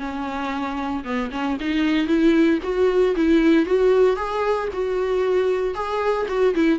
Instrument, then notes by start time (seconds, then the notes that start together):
viola
0.00 C#4
1.05 B3
1.32 C#4
1.61 D#4
2.08 E4
2.63 F#4
3.16 E4
3.66 F#4
4.17 G#4
4.74 F#4
5.75 G#4
6.29 F#4
6.55 E4